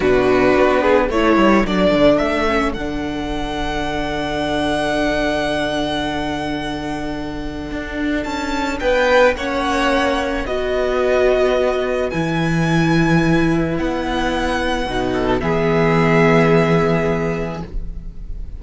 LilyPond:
<<
  \new Staff \with { instrumentName = "violin" } { \time 4/4 \tempo 4 = 109 b'2 cis''4 d''4 | e''4 fis''2.~ | fis''1~ | fis''2. a''4 |
g''4 fis''2 dis''4~ | dis''2 gis''2~ | gis''4 fis''2. | e''1 | }
  \new Staff \with { instrumentName = "violin" } { \time 4/4 fis'4. gis'8 a'2~ | a'1~ | a'1~ | a'1 |
b'4 cis''2 b'4~ | b'1~ | b'2.~ b'8 a'8 | gis'1 | }
  \new Staff \with { instrumentName = "viola" } { \time 4/4 d'2 e'4 d'4~ | d'8 cis'8 d'2.~ | d'1~ | d'1~ |
d'4 cis'2 fis'4~ | fis'2 e'2~ | e'2. dis'4 | b1 | }
  \new Staff \with { instrumentName = "cello" } { \time 4/4 b,4 b4 a8 g8 fis8 d8 | a4 d2.~ | d1~ | d2 d'4 cis'4 |
b4 ais2 b4~ | b2 e2~ | e4 b2 b,4 | e1 | }
>>